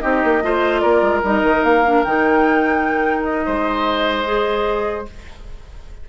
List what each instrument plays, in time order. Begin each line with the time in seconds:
0.00 bassoon C4, clarinet D#4, oboe G4, flute D#5
0.24 bassoon A#3
0.43 bassoon A3, clarinet F4, oboe C5
0.80 bassoon A#3, oboe A#4, flute D5
1.02 bassoon G#3
1.24 bassoon G3, clarinet D#4, flute D#5
1.43 bassoon D#3
1.64 bassoon A#3, flute F5
1.85 clarinet D4
2.04 bassoon D#3, clarinet D#4, flute G5
3.24 flute D#5
3.46 bassoon G#3, oboe C5
4.25 clarinet G#4